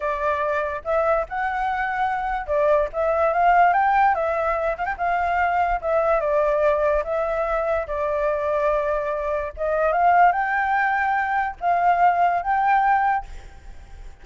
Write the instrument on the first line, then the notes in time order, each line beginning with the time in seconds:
flute
0.00 D5
0.84 E5
1.28 F#5
2.47 D5
2.92 E5
3.33 F5
3.73 G5
4.14 E5
4.77 F5
4.85 G5
4.97 F5
5.81 E5
6.20 D5
7.03 E5
7.87 D5
9.56 D#5
9.92 F5
10.31 G5
11.60 F5
12.42 G5